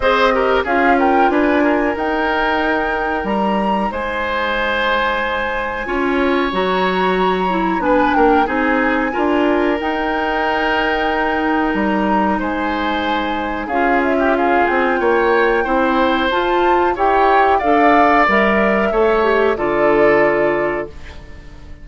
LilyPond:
<<
  \new Staff \with { instrumentName = "flute" } { \time 4/4 \tempo 4 = 92 dis''4 f''8 g''8 gis''4 g''4~ | g''4 ais''4 gis''2~ | gis''2 ais''2 | gis''8 g''8 gis''2 g''4~ |
g''2 ais''4 gis''4~ | gis''4 f''8 e''8 f''8 g''4.~ | g''4 a''4 g''4 f''4 | e''2 d''2 | }
  \new Staff \with { instrumentName = "oboe" } { \time 4/4 c''8 ais'8 gis'8 ais'8 b'8 ais'4.~ | ais'2 c''2~ | c''4 cis''2. | b'8 ais'8 gis'4 ais'2~ |
ais'2. c''4~ | c''4 gis'8. g'16 gis'4 cis''4 | c''2 cis''4 d''4~ | d''4 cis''4 a'2 | }
  \new Staff \with { instrumentName = "clarinet" } { \time 4/4 gis'8 g'8 f'2 dis'4~ | dis'1~ | dis'4 f'4 fis'4. e'8 | d'4 dis'4 f'4 dis'4~ |
dis'1~ | dis'4 f'2. | e'4 f'4 g'4 a'4 | ais'4 a'8 g'8 f'2 | }
  \new Staff \with { instrumentName = "bassoon" } { \time 4/4 c'4 cis'4 d'4 dis'4~ | dis'4 g4 gis2~ | gis4 cis'4 fis2 | b8 ais8 c'4 d'4 dis'4~ |
dis'2 g4 gis4~ | gis4 cis'4. c'8 ais4 | c'4 f'4 e'4 d'4 | g4 a4 d2 | }
>>